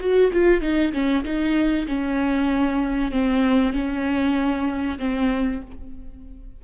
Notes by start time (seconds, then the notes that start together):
0.00 F#4
0.33 F4
0.61 D#4
0.93 C#4
1.24 D#4
1.88 C#4
3.12 C4
3.73 C#4
4.99 C4